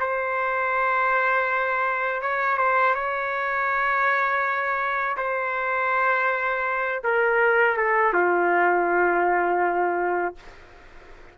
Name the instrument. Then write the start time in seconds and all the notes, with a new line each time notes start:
trumpet
0.00 C5
2.22 C#5
2.58 C5
2.95 C#5
5.18 C5
7.04 A#4
7.77 A4
8.13 F4